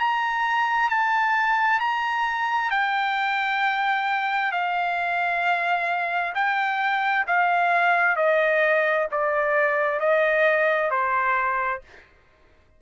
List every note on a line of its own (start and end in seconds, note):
0.00 0.90 A#5
0.90 1.80 A5
1.80 2.71 A#5
2.71 4.52 G5
4.52 6.34 F5
6.35 7.26 G5
7.27 8.17 F5
8.17 9.07 D#5
9.12 10.00 D5
10.00 10.91 D#5
10.91 11.82 C5